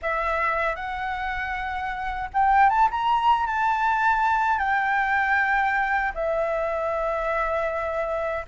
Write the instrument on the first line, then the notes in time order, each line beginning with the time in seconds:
flute
0.02 E5
0.75 F#5
2.33 G5
2.69 A5
2.91 A#5
3.46 A5
4.58 G5
6.14 E5